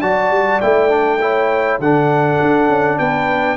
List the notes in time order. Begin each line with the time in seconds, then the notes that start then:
0.00 F#3 F#4 D5 A5
0.30 G3
0.61 A3 E4 G5
0.89 D4
1.21 E4 C#5
1.79 D3 D4 A4 F#5
2.42 D4
2.69 C#4
2.98 B3 B4 G5